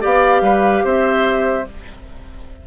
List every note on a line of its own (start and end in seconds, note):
0.00 0.42 B3
0.00 1.64 G4
0.00 0.42 D5
0.00 0.85 F5
0.42 0.83 G3
0.42 0.84 B4
0.84 1.67 C4
0.84 1.66 C5
0.84 1.67 E5